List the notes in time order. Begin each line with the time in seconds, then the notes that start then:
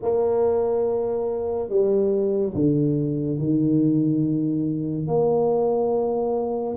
0.02 A#3
1.69 G3
2.54 D3
3.38 D#3
5.07 A#3